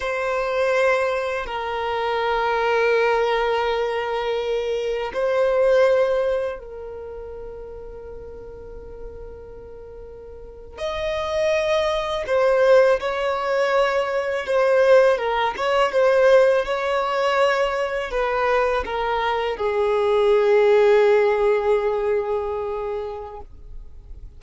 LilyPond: \new Staff \with { instrumentName = "violin" } { \time 4/4 \tempo 4 = 82 c''2 ais'2~ | ais'2. c''4~ | c''4 ais'2.~ | ais'2~ ais'8. dis''4~ dis''16~ |
dis''8. c''4 cis''2 c''16~ | c''8. ais'8 cis''8 c''4 cis''4~ cis''16~ | cis''8. b'4 ais'4 gis'4~ gis'16~ | gis'1 | }